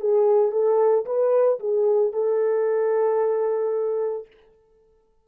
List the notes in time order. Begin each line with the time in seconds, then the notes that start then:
0.00 G#4
0.52 A4
1.06 B4
1.60 G#4
2.13 A4